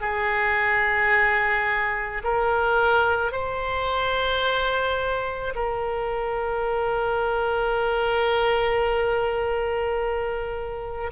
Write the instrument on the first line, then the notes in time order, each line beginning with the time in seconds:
oboe
0.00 G#4
2.23 A#4
3.31 C5
5.55 A#4